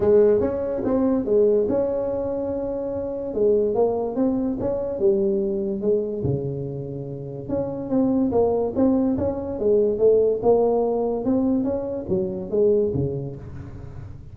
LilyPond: \new Staff \with { instrumentName = "tuba" } { \time 4/4 \tempo 4 = 144 gis4 cis'4 c'4 gis4 | cis'1 | gis4 ais4 c'4 cis'4 | g2 gis4 cis4~ |
cis2 cis'4 c'4 | ais4 c'4 cis'4 gis4 | a4 ais2 c'4 | cis'4 fis4 gis4 cis4 | }